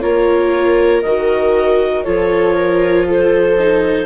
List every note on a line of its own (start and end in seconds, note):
0.00 1.03 A#3
0.00 1.03 F4
0.00 2.05 A#4
0.00 1.02 C#5
1.02 2.06 D#3
1.02 2.04 F#4
1.02 2.04 D#5
2.04 4.06 F3
2.04 3.57 F4
2.04 2.56 A4
2.04 3.06 C#5
2.56 3.07 A#4
3.07 4.06 A4
3.07 4.06 C5
3.59 4.06 D#4